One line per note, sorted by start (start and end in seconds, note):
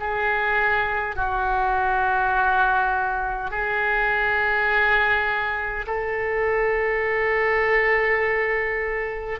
0.00 1.16 G#4
1.16 3.51 F#4
3.51 5.86 G#4
5.87 9.40 A4